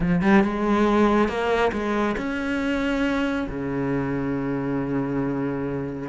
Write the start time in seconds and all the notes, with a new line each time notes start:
0.00 F3
0.21 G3
0.43 G#3
1.28 A#3
1.72 G#3
2.17 C#4
3.49 C#3